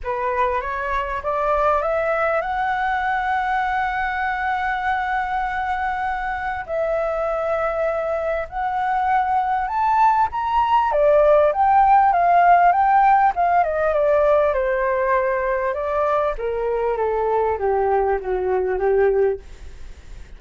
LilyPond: \new Staff \with { instrumentName = "flute" } { \time 4/4 \tempo 4 = 99 b'4 cis''4 d''4 e''4 | fis''1~ | fis''2. e''4~ | e''2 fis''2 |
a''4 ais''4 d''4 g''4 | f''4 g''4 f''8 dis''8 d''4 | c''2 d''4 ais'4 | a'4 g'4 fis'4 g'4 | }